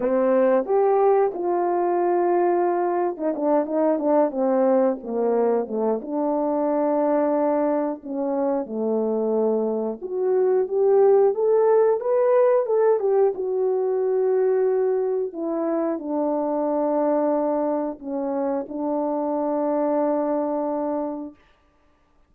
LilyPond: \new Staff \with { instrumentName = "horn" } { \time 4/4 \tempo 4 = 90 c'4 g'4 f'2~ | f'8. dis'16 d'8 dis'8 d'8 c'4 ais8~ | ais8 a8 d'2. | cis'4 a2 fis'4 |
g'4 a'4 b'4 a'8 g'8 | fis'2. e'4 | d'2. cis'4 | d'1 | }